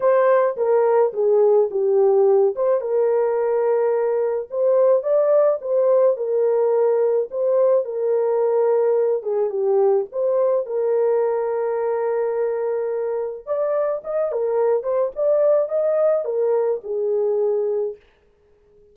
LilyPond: \new Staff \with { instrumentName = "horn" } { \time 4/4 \tempo 4 = 107 c''4 ais'4 gis'4 g'4~ | g'8 c''8 ais'2. | c''4 d''4 c''4 ais'4~ | ais'4 c''4 ais'2~ |
ais'8 gis'8 g'4 c''4 ais'4~ | ais'1 | d''4 dis''8 ais'4 c''8 d''4 | dis''4 ais'4 gis'2 | }